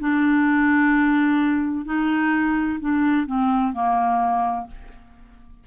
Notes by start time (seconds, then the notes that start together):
0.00 D4
1.85 D#4
2.80 D4
3.26 C4
3.73 A#3